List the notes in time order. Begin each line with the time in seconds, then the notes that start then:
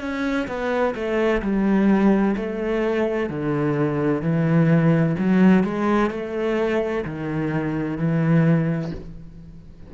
0.00 C#4
0.47 B3
0.95 A3
1.42 G3
2.37 A3
3.30 D3
4.22 E3
5.18 F#3
5.64 G#3
6.11 A3
7.05 D#3
7.97 E3